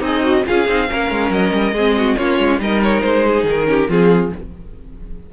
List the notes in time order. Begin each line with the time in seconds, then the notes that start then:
0.00 C4 D#4 G#4 D#5
0.23 F#4
0.45 C#4 F4 G#4 F5
0.68 C4 D#4
0.88 A#3 C#4 A#4
1.11 G#3
1.30 F#3 D#5
1.52 G3
1.72 G#3 C4 G#4
1.97 F#4
2.17 A#3 C#4 F4 C#5
2.38 G#3
2.59 G3 D#4 A#4 D#5
2.83 C#5
3.01 G#3 C5
3.26 G#4
3.44 D#3 A#4
3.65 C#4 G4
3.89 F3 C4 F4 G#4